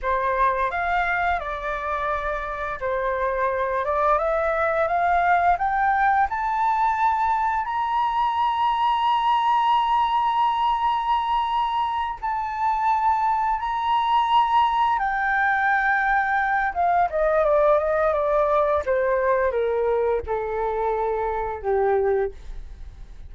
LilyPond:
\new Staff \with { instrumentName = "flute" } { \time 4/4 \tempo 4 = 86 c''4 f''4 d''2 | c''4. d''8 e''4 f''4 | g''4 a''2 ais''4~ | ais''1~ |
ais''4. a''2 ais''8~ | ais''4. g''2~ g''8 | f''8 dis''8 d''8 dis''8 d''4 c''4 | ais'4 a'2 g'4 | }